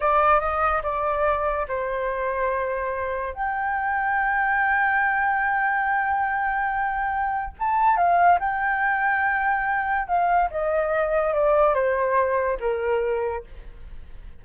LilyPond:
\new Staff \with { instrumentName = "flute" } { \time 4/4 \tempo 4 = 143 d''4 dis''4 d''2 | c''1 | g''1~ | g''1~ |
g''2 a''4 f''4 | g''1 | f''4 dis''2 d''4 | c''2 ais'2 | }